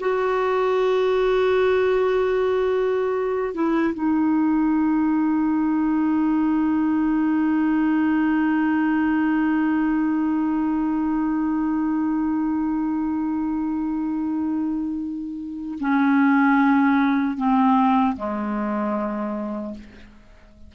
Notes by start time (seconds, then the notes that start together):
0.00 F#4
3.54 E4
3.94 D#4
15.80 C#4
17.37 C4
18.17 G#3